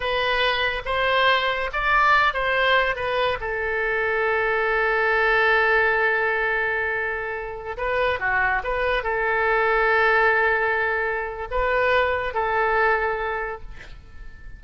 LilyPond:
\new Staff \with { instrumentName = "oboe" } { \time 4/4 \tempo 4 = 141 b'2 c''2 | d''4. c''4. b'4 | a'1~ | a'1~ |
a'2~ a'16 b'4 fis'8.~ | fis'16 b'4 a'2~ a'8.~ | a'2. b'4~ | b'4 a'2. | }